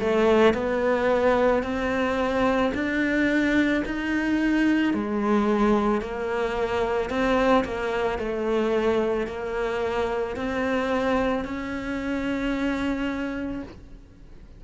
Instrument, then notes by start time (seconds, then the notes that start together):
cello
0.00 A3
0.54 B3
1.63 C4
2.74 D4
3.85 D#4
4.94 G#3
6.01 A#3
7.10 C4
7.65 A#3
8.19 A3
9.27 A#3
10.36 C4
11.44 C#4